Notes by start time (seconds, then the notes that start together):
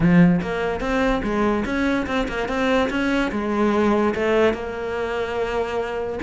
0.00 F3
0.41 A#3
0.80 C4
1.23 G#3
1.65 C#4
2.06 C4
2.28 A#3
2.48 C4
2.89 C#4
3.31 G#3
4.14 A3
4.53 A#3